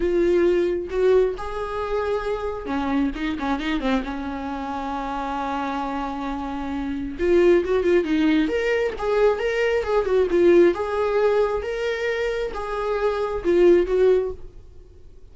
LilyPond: \new Staff \with { instrumentName = "viola" } { \time 4/4 \tempo 4 = 134 f'2 fis'4 gis'4~ | gis'2 cis'4 dis'8 cis'8 | dis'8 c'8 cis'2.~ | cis'1 |
f'4 fis'8 f'8 dis'4 ais'4 | gis'4 ais'4 gis'8 fis'8 f'4 | gis'2 ais'2 | gis'2 f'4 fis'4 | }